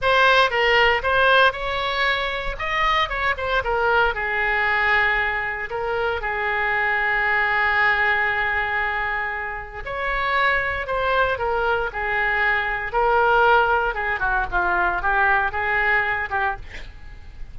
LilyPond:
\new Staff \with { instrumentName = "oboe" } { \time 4/4 \tempo 4 = 116 c''4 ais'4 c''4 cis''4~ | cis''4 dis''4 cis''8 c''8 ais'4 | gis'2. ais'4 | gis'1~ |
gis'2. cis''4~ | cis''4 c''4 ais'4 gis'4~ | gis'4 ais'2 gis'8 fis'8 | f'4 g'4 gis'4. g'8 | }